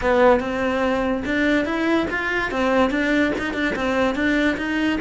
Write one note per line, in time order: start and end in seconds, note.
0.01 0.40 B3
0.40 1.23 C4
1.25 1.65 D4
1.65 2.07 E4
2.10 2.51 F4
2.51 2.90 C4
2.90 3.32 D4
3.38 3.53 D#4
3.53 3.74 D4
3.75 4.15 C4
4.15 4.56 D4
4.57 4.99 D#4